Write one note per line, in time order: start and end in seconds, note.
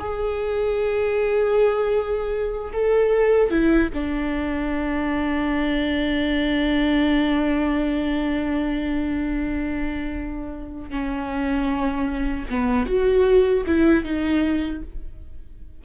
0.00 2.73 G#4
2.73 3.51 A4
3.51 3.90 E4
3.94 10.90 D4
10.90 12.46 C#4
12.50 12.86 B3
12.86 13.64 F#4
13.67 14.04 E4
14.04 14.82 D#4